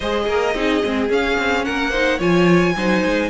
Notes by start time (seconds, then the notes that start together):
0.00 G#3 G#4 C5 D#5
0.26 A#3 A#4
0.54 C4 D#4 G#4
0.84 G#3 C4
1.09 C#4 F5
1.38 C4
1.64 A#3 A#4 F#5
1.90 D#4 C5
2.18 F3 F4 C#5 G#5
2.76 F#3 D#4 C5
3.05 G#3